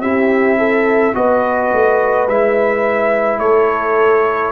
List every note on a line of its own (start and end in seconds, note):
0.00 1.13 C4
0.00 1.14 E4
0.00 0.58 G4
0.00 1.15 E5
0.58 1.15 A4
1.14 1.72 B3
1.14 2.28 F#4
1.14 3.42 B4
1.14 2.29 D#5
1.73 2.28 A3
2.28 3.39 G#3
2.28 4.53 E4
2.28 3.40 E5
3.39 4.52 A3
3.39 4.53 A4
3.39 4.53 C#5